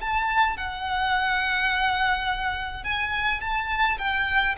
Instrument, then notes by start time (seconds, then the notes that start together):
violin
0.00 A5
0.57 F#5
2.84 G#5
3.40 A5
3.98 G5